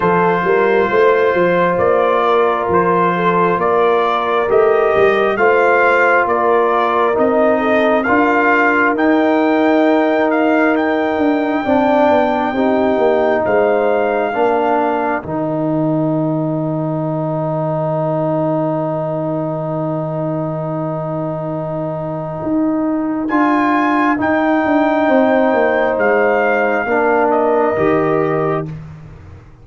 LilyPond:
<<
  \new Staff \with { instrumentName = "trumpet" } { \time 4/4 \tempo 4 = 67 c''2 d''4 c''4 | d''4 dis''4 f''4 d''4 | dis''4 f''4 g''4. f''8 | g''2. f''4~ |
f''4 g''2.~ | g''1~ | g''2 gis''4 g''4~ | g''4 f''4. dis''4. | }
  \new Staff \with { instrumentName = "horn" } { \time 4/4 a'8 ais'8 c''4. ais'4 a'8 | ais'2 c''4 ais'4~ | ais'8 a'8 ais'2.~ | ais'4 d''4 g'4 c''4 |
ais'1~ | ais'1~ | ais'1 | c''2 ais'2 | }
  \new Staff \with { instrumentName = "trombone" } { \time 4/4 f'1~ | f'4 g'4 f'2 | dis'4 f'4 dis'2~ | dis'4 d'4 dis'2 |
d'4 dis'2.~ | dis'1~ | dis'2 f'4 dis'4~ | dis'2 d'4 g'4 | }
  \new Staff \with { instrumentName = "tuba" } { \time 4/4 f8 g8 a8 f8 ais4 f4 | ais4 a8 g8 a4 ais4 | c'4 d'4 dis'2~ | dis'8 d'8 c'8 b8 c'8 ais8 gis4 |
ais4 dis2.~ | dis1~ | dis4 dis'4 d'4 dis'8 d'8 | c'8 ais8 gis4 ais4 dis4 | }
>>